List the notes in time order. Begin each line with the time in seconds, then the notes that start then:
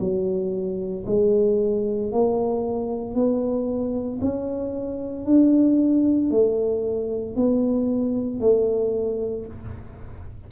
0.00 F#3
1.06 G#3
2.12 A#3
3.14 B3
4.22 C#4
5.25 D4
6.31 A3
7.36 B3
8.40 A3